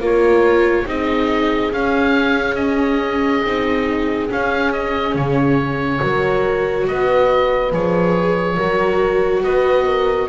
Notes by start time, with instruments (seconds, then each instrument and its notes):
0.00 double bass A#3, viola F4, horn A#4, oboe C#5
0.86 double bass C4, viola D#4, horn G#4, oboe D#5
1.73 double bass C#4, viola C#4, oboe F5
2.56 oboe D#5
3.44 double bass C4, viola D#4
4.29 viola C#4, double bass C#4, oboe F5
4.73 oboe D#5
5.15 double bass C#3, oboe C#5
5.99 double bass F#3, viola F#4, horn A#4
6.87 double bass B3, horn B4, oboe D#5
7.72 double bass F3, viola G#4, oboe C#5
8.57 double bass F#3, viola F#4, horn A#4
9.43 double bass B3, horn B4, oboe D#5
9.86 horn A#4